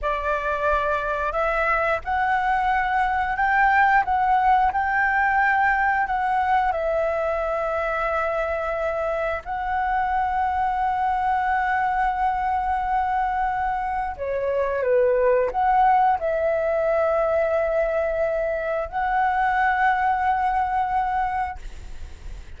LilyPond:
\new Staff \with { instrumentName = "flute" } { \time 4/4 \tempo 4 = 89 d''2 e''4 fis''4~ | fis''4 g''4 fis''4 g''4~ | g''4 fis''4 e''2~ | e''2 fis''2~ |
fis''1~ | fis''4 cis''4 b'4 fis''4 | e''1 | fis''1 | }